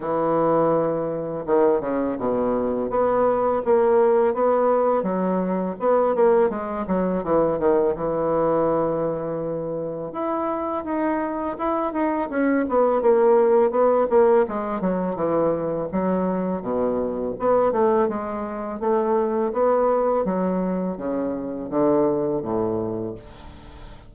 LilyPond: \new Staff \with { instrumentName = "bassoon" } { \time 4/4 \tempo 4 = 83 e2 dis8 cis8 b,4 | b4 ais4 b4 fis4 | b8 ais8 gis8 fis8 e8 dis8 e4~ | e2 e'4 dis'4 |
e'8 dis'8 cis'8 b8 ais4 b8 ais8 | gis8 fis8 e4 fis4 b,4 | b8 a8 gis4 a4 b4 | fis4 cis4 d4 a,4 | }